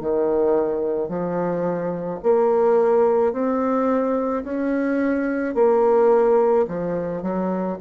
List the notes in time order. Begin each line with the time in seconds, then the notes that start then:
0.00 D#3
1.09 F3
2.23 A#3
3.32 C4
4.44 C#4
5.55 A#3
6.68 F3
7.22 F#3